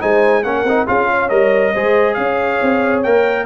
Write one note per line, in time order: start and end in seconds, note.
0.00 0.44 G#3
0.00 0.43 D#4
0.00 0.44 C5
0.00 0.43 G#5
0.43 0.64 A#3
0.43 0.66 C#4
0.43 0.87 A#4
0.43 0.86 F#5
0.64 0.86 C4
0.64 0.87 D#4
0.87 1.30 C#4
0.87 1.29 F4
0.87 1.09 G#4
0.87 1.29 F5
1.10 1.73 C#5
1.29 1.73 G3
1.29 1.72 A#4
1.29 2.14 D#5
1.73 2.17 G#3
1.73 3.05 G#4
1.73 2.16 C5
2.14 2.60 C#4
2.14 3.00 F5
2.22 3.46 C#5
2.62 3.05 C4
3.03 3.46 A#3
3.03 3.46 A#4
3.03 3.46 G5